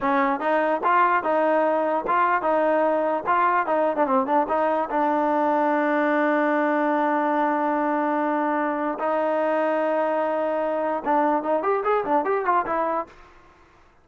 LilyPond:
\new Staff \with { instrumentName = "trombone" } { \time 4/4 \tempo 4 = 147 cis'4 dis'4 f'4 dis'4~ | dis'4 f'4 dis'2 | f'4 dis'8. d'16 c'8 d'8 dis'4 | d'1~ |
d'1~ | d'2 dis'2~ | dis'2. d'4 | dis'8 g'8 gis'8 d'8 g'8 f'8 e'4 | }